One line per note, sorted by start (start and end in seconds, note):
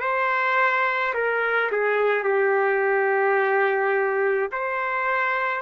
0.00 1.13 C5
1.14 1.70 A#4
1.71 2.23 G#4
2.23 4.50 G4
4.52 5.61 C5